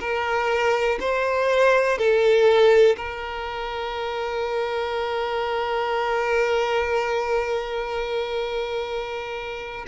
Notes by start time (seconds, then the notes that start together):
0.00 A#4
1.00 C5
1.98 A4
2.97 A#4